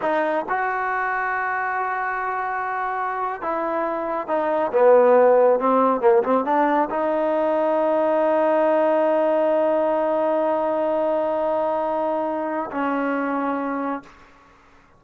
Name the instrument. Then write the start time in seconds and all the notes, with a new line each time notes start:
trombone
0.01 D#4
0.48 F#4
3.41 E4
4.27 D#4
4.72 B3
5.59 C4
6.00 A#3
6.23 C4
6.45 D4
6.90 D#4
12.71 C#4